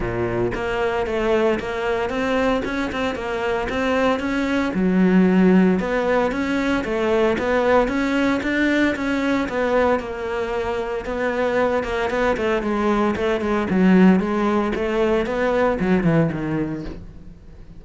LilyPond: \new Staff \with { instrumentName = "cello" } { \time 4/4 \tempo 4 = 114 ais,4 ais4 a4 ais4 | c'4 cis'8 c'8 ais4 c'4 | cis'4 fis2 b4 | cis'4 a4 b4 cis'4 |
d'4 cis'4 b4 ais4~ | ais4 b4. ais8 b8 a8 | gis4 a8 gis8 fis4 gis4 | a4 b4 fis8 e8 dis4 | }